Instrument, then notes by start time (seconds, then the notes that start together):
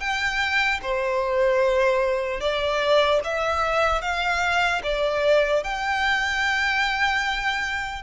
violin
0.00 G5
0.82 C5
2.40 D5
3.24 E5
4.01 F5
4.83 D5
5.63 G5